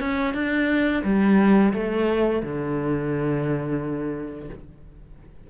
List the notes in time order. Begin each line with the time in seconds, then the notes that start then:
0.00 C#4
0.34 D4
1.04 G3
1.74 A3
2.43 D3